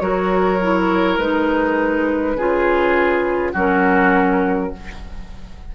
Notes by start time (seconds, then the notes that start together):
0.00 F#3 F#4 A#4 C#5
0.62 E4
1.18 G#3 D#4 B4
2.36 C#3 F4 G#4
3.53 F#3 C#4 F#4 A#4